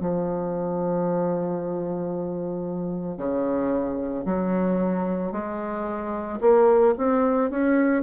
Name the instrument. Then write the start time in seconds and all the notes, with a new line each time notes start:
bassoon
0.00 F3
3.18 C#3
4.25 F#3
5.32 G#3
6.40 A#3
6.97 C4
7.50 C#4